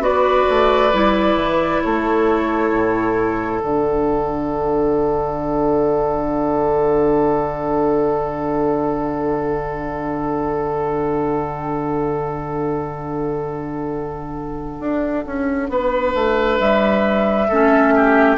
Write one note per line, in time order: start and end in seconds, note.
0.00 0.45 B3
0.00 0.91 F#4
0.00 1.84 B4
0.00 1.83 D5
0.50 0.94 A3
0.94 1.36 G3
0.94 3.61 E4
1.36 1.81 E3
1.83 2.71 A3
1.83 15.71 A4
1.83 3.60 C#5
2.71 3.61 A2
3.60 14.80 D3
3.60 17.49 D4
3.60 16.59 F#5
14.80 15.25 D4
15.27 15.70 C#4
15.70 16.15 B3
15.70 17.49 B4
16.15 16.60 A3
16.59 17.50 G3
16.59 18.38 E5
17.49 18.38 A3
17.49 18.38 C#4
17.49 17.93 A4
17.96 18.38 G4